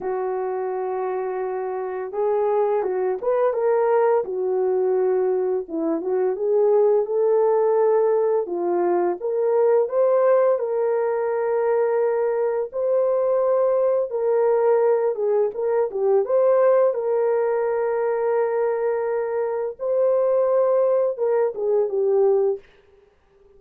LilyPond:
\new Staff \with { instrumentName = "horn" } { \time 4/4 \tempo 4 = 85 fis'2. gis'4 | fis'8 b'8 ais'4 fis'2 | e'8 fis'8 gis'4 a'2 | f'4 ais'4 c''4 ais'4~ |
ais'2 c''2 | ais'4. gis'8 ais'8 g'8 c''4 | ais'1 | c''2 ais'8 gis'8 g'4 | }